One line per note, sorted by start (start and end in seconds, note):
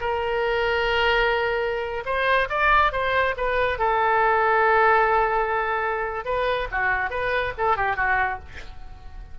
0.00 2.04 A#4
2.05 2.48 C5
2.49 2.92 D5
2.92 3.34 C5
3.36 3.78 B4
3.78 6.25 A4
6.25 6.67 B4
6.71 7.10 F#4
7.10 7.53 B4
7.57 7.76 A4
7.76 7.96 G4
7.96 8.38 F#4